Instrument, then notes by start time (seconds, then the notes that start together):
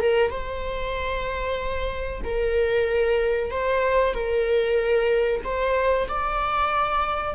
viola
0.00 A#4
0.30 C5
2.24 A#4
3.50 C5
4.14 A#4
5.44 C5
6.09 D5